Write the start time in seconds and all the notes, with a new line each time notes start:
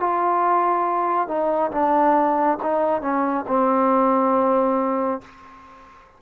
0.00 F4
1.28 D#4
1.72 D4
2.63 D#4
3.02 C#4
3.48 C4